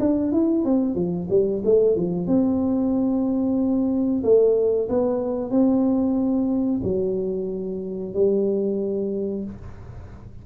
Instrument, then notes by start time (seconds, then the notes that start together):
tuba
0.00 D4
0.32 E4
0.65 C4
0.95 F3
1.30 G3
1.65 A3
1.96 F3
2.27 C4
4.24 A3
4.90 B3
5.51 C4
6.84 F#3
8.14 G3